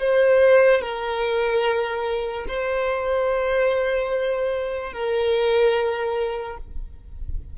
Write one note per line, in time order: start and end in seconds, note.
0.00 0.82 C5
0.82 2.46 A#4
2.48 4.93 C5
4.93 6.57 A#4